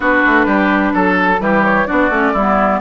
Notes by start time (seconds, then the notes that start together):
0.00 B3 D4 F#4 B4
0.25 A3
0.46 G3 G4
0.93 F#3 A4
1.38 E3 G3 G4 B4
1.64 C#5
1.86 B3 D4 F#4 D5
2.09 A3 C#4
2.33 G3 E4
2.39 B3